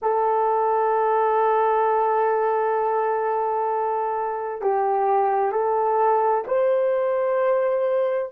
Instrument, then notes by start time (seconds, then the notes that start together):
horn
0.02 A4
4.62 G4
5.51 A4
6.47 C5